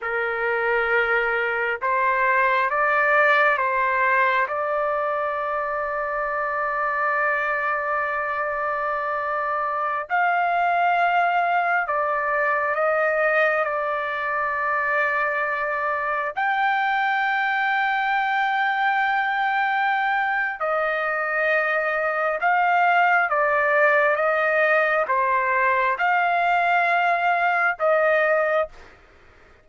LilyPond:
\new Staff \with { instrumentName = "trumpet" } { \time 4/4 \tempo 4 = 67 ais'2 c''4 d''4 | c''4 d''2.~ | d''2.~ d''16 f''8.~ | f''4~ f''16 d''4 dis''4 d''8.~ |
d''2~ d''16 g''4.~ g''16~ | g''2. dis''4~ | dis''4 f''4 d''4 dis''4 | c''4 f''2 dis''4 | }